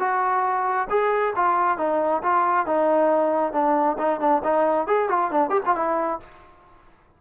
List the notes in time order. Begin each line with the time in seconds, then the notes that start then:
0.00 F#4
0.90 G#4
1.36 F4
1.78 D#4
2.23 F4
2.67 D#4
3.53 D4
3.99 D#4
4.21 D4
4.44 D#4
4.87 G#4
5.09 F4
5.31 D4
5.50 G4
5.66 F4
5.76 E4